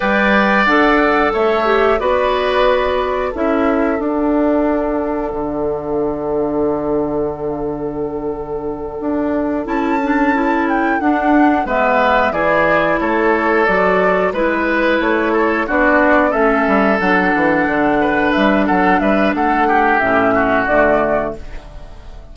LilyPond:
<<
  \new Staff \with { instrumentName = "flute" } { \time 4/4 \tempo 4 = 90 g''4 fis''4 e''4 d''4~ | d''4 e''4 fis''2~ | fis''1~ | fis''2~ fis''8 a''4. |
g''8 fis''4 e''4 d''4 cis''8~ | cis''8 d''4 b'4 cis''4 d''8~ | d''8 e''4 fis''2 e''8 | fis''8 e''8 fis''4 e''4 d''4 | }
  \new Staff \with { instrumentName = "oboe" } { \time 4/4 d''2 cis''4 b'4~ | b'4 a'2.~ | a'1~ | a'1~ |
a'4. b'4 gis'4 a'8~ | a'4. b'4. a'8 fis'8~ | fis'8 a'2~ a'8 b'4 | a'8 b'8 a'8 g'4 fis'4. | }
  \new Staff \with { instrumentName = "clarinet" } { \time 4/4 b'4 a'4. g'8 fis'4~ | fis'4 e'4 d'2~ | d'1~ | d'2~ d'8 e'8 d'8 e'8~ |
e'8 d'4 b4 e'4.~ | e'8 fis'4 e'2 d'8~ | d'8 cis'4 d'2~ d'8~ | d'2 cis'4 a4 | }
  \new Staff \with { instrumentName = "bassoon" } { \time 4/4 g4 d'4 a4 b4~ | b4 cis'4 d'2 | d1~ | d4. d'4 cis'4.~ |
cis'8 d'4 gis4 e4 a8~ | a8 fis4 gis4 a4 b8~ | b8 a8 g8 fis8 e8 d4 g8 | fis8 g8 a4 a,4 d4 | }
>>